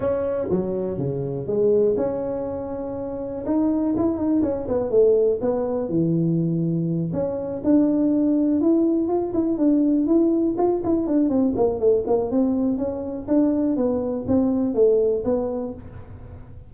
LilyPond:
\new Staff \with { instrumentName = "tuba" } { \time 4/4 \tempo 4 = 122 cis'4 fis4 cis4 gis4 | cis'2. dis'4 | e'8 dis'8 cis'8 b8 a4 b4 | e2~ e8 cis'4 d'8~ |
d'4. e'4 f'8 e'8 d'8~ | d'8 e'4 f'8 e'8 d'8 c'8 ais8 | a8 ais8 c'4 cis'4 d'4 | b4 c'4 a4 b4 | }